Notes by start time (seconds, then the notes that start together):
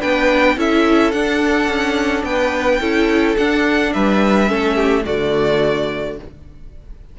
0.00 B3 D4 B4 G5
0.57 C#4 E4 A4 E5
1.12 D4 F#5
1.68 C#4
2.23 B3 B4 G5
2.80 C#4 E4 A4
3.37 D4 F#5
3.93 G3 B4 E5
4.47 A3 C#4 A4
4.75 G4
5.05 D3 A3 F#4 D5